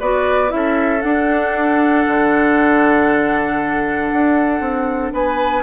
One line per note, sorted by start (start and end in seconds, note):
0.00 0.52 B3
0.00 0.48 F#4
0.00 0.51 B4
0.00 0.51 D5
0.48 1.04 C#4
0.48 1.00 E4
0.48 1.01 E5
0.56 5.14 A4
1.01 5.63 D4
1.01 2.07 D4
1.01 5.12 F#5
2.07 4.12 D3
4.13 4.60 D4
4.60 5.12 C4
5.13 5.63 B3
5.13 5.63 B4
5.13 5.63 G#5